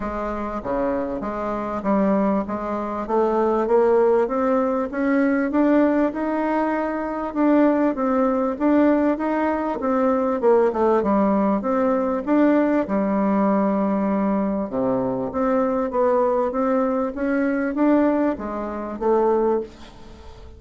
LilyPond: \new Staff \with { instrumentName = "bassoon" } { \time 4/4 \tempo 4 = 98 gis4 cis4 gis4 g4 | gis4 a4 ais4 c'4 | cis'4 d'4 dis'2 | d'4 c'4 d'4 dis'4 |
c'4 ais8 a8 g4 c'4 | d'4 g2. | c4 c'4 b4 c'4 | cis'4 d'4 gis4 a4 | }